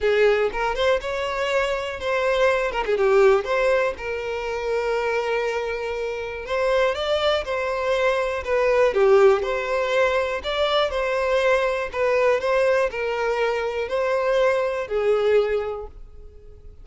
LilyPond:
\new Staff \with { instrumentName = "violin" } { \time 4/4 \tempo 4 = 121 gis'4 ais'8 c''8 cis''2 | c''4. ais'16 gis'16 g'4 c''4 | ais'1~ | ais'4 c''4 d''4 c''4~ |
c''4 b'4 g'4 c''4~ | c''4 d''4 c''2 | b'4 c''4 ais'2 | c''2 gis'2 | }